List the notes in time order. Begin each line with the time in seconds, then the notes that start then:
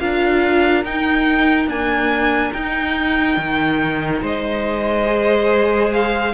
0.00 D4 F4 A#4 F5
0.84 D#4 G5
1.67 A#3 D4 G#5
2.53 D#4 G5
3.37 D#3
4.22 G#3 C5 D#5
5.06 G#4
5.93 F5